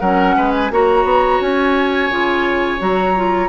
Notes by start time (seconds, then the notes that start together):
0.00 F#3 C#4 A#4 F#5
0.37 G#3 B4
0.55 G#5
0.71 A#3 F#4 C#5 A#5
1.05 B3
1.41 C#4 G#5
2.10 C#3 F4
2.79 F#3 F#4 A#5
3.17 F4